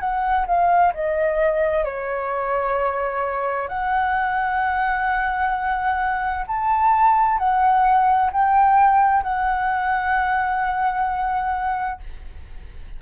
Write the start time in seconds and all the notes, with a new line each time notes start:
0.00 F#5
0.47 F5
0.94 D#5
1.85 C#5
3.68 F#5
6.47 A5
7.39 F#5
8.33 G5
9.23 F#5